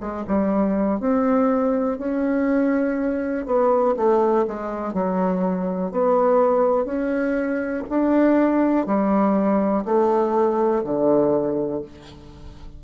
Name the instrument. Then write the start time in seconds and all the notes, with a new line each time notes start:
bassoon
0.00 G#3
0.27 G3
1.00 C4
1.98 C#4
3.46 B3
3.97 A3
4.47 G#3
4.93 F#3
5.92 B3
6.85 C#4
7.89 D4
8.86 G3
9.85 A3
10.83 D3